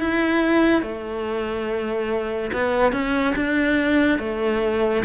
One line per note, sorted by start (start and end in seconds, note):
0.00 0.83 E4
0.83 2.52 A3
2.53 2.93 B3
2.93 3.35 C#4
3.36 4.19 D4
4.19 5.04 A3